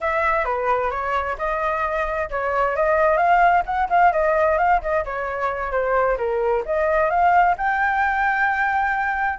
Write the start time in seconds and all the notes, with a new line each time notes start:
0.00 E5
0.45 B4
0.90 C#5
1.38 D#5
2.30 C#5
2.76 D#5
3.17 F5
3.65 F#5
3.89 F5
4.12 D#5
4.58 F5
4.81 D#5
5.04 C#5
5.71 C5
6.17 A#4
6.65 D#5
7.10 F5
7.57 G5